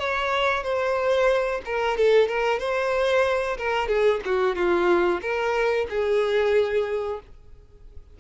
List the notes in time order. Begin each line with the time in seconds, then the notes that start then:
0.00 C#5
0.64 C5
1.65 A#4
1.98 A4
2.29 A#4
2.60 C5
3.58 A#4
3.88 G#4
4.26 F#4
4.56 F4
5.22 A#4
5.90 G#4